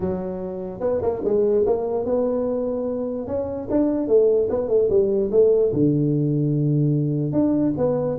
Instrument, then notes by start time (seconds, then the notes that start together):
tuba
0.00 F#3
0.80 B3
1.01 A#3
1.24 G#3
1.66 A#3
2.05 B3
3.27 C#4
3.69 D4
4.07 A3
4.49 B3
4.68 A3
4.89 G3
5.31 A3
5.73 D3
7.32 D4
7.77 B3